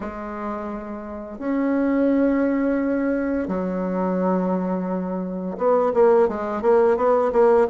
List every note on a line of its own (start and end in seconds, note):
0.00 1.38 G#3
1.38 3.48 C#4
3.48 5.57 F#3
5.57 5.92 B3
5.94 6.28 A#3
6.28 6.62 G#3
6.62 6.96 A#3
6.96 7.31 B3
7.32 7.67 A#3